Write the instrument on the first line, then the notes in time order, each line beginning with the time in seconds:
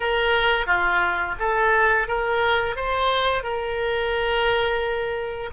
oboe
0.00 A#4
0.66 F4
1.39 A4
2.07 A#4
2.76 C5
3.43 A#4